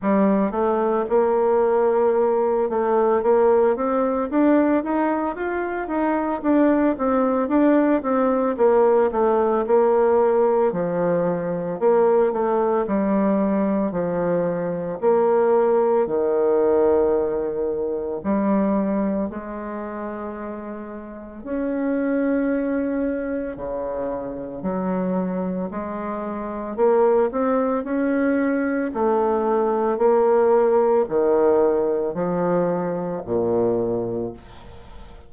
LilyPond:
\new Staff \with { instrumentName = "bassoon" } { \time 4/4 \tempo 4 = 56 g8 a8 ais4. a8 ais8 c'8 | d'8 dis'8 f'8 dis'8 d'8 c'8 d'8 c'8 | ais8 a8 ais4 f4 ais8 a8 | g4 f4 ais4 dis4~ |
dis4 g4 gis2 | cis'2 cis4 fis4 | gis4 ais8 c'8 cis'4 a4 | ais4 dis4 f4 ais,4 | }